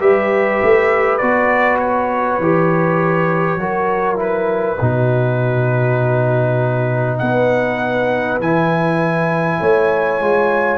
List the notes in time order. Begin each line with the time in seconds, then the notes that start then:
0.00 G3 G4 B4 E5
0.63 A3
1.18 B3 F#4 D5
1.79 C#5
2.39 E3 G4
3.57 F#3 F#4 A#4
4.17 E4 B4
4.81 B2 D#4 F#4
7.19 B3 B4 F#5
8.40 E3 E4 G#5
9.61 A3 C#5
10.21 G#3 F4